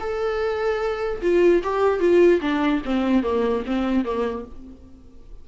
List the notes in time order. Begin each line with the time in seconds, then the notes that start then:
0.00 A4
1.22 F4
1.64 G4
2.00 F4
2.41 D4
2.85 C4
3.23 A#3
3.67 C4
4.05 A#3